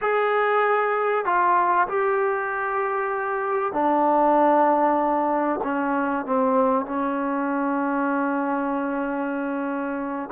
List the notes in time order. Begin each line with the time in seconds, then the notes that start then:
0.01 G#4
1.25 F4
1.88 G4
3.72 D4
5.63 C#4
6.25 C4
6.85 C#4